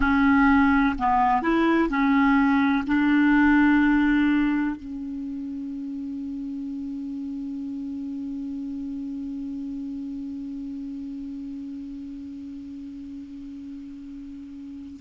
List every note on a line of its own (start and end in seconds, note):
0.00 0.95 C#4
0.98 1.42 B3
1.42 1.89 E4
1.89 2.84 C#4
2.86 4.76 D4
4.76 15.00 C#4